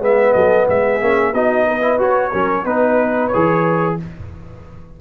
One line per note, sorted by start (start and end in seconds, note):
0.00 0.33 G#3
0.00 1.01 B3
0.00 0.35 B4
0.00 0.34 E5
0.34 0.69 F#3
0.34 0.68 A4
0.34 0.66 D#5
0.69 1.01 G#3
0.69 1.34 G#4
0.69 1.34 E5
1.01 1.34 A#3
1.01 1.34 C#4
1.34 1.99 B3
1.34 1.81 D#4
1.34 1.67 F#4
1.34 2.00 D#5
1.68 2.31 B4
1.81 1.98 E4
1.98 2.31 F#4
1.98 2.32 F#4
1.98 2.66 C#5
2.31 2.65 F#3
2.31 2.66 C#4
2.31 2.64 A#4
2.65 3.31 B3
2.65 3.32 D#4
2.65 3.97 B4
2.65 3.28 B4
3.28 4.00 G#4
3.28 3.94 C#5
3.35 4.01 E3